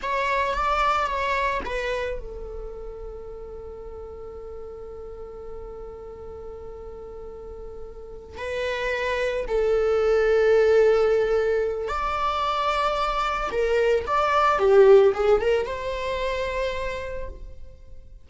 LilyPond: \new Staff \with { instrumentName = "viola" } { \time 4/4 \tempo 4 = 111 cis''4 d''4 cis''4 b'4 | a'1~ | a'1~ | a'2.~ a'8 b'8~ |
b'4. a'2~ a'8~ | a'2 d''2~ | d''4 ais'4 d''4 g'4 | gis'8 ais'8 c''2. | }